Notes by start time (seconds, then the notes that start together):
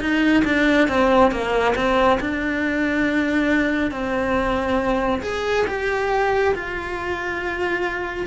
0.00 D#4
0.44 D4
0.88 C4
1.31 A#3
1.75 C4
2.20 D4
3.91 C4
5.22 G#4
5.67 G4
6.55 F4